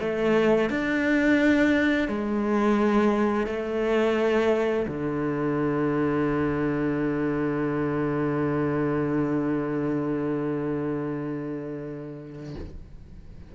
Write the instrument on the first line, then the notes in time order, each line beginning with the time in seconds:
cello
0.00 A3
0.70 D4
2.08 G#3
3.47 A3
4.88 D3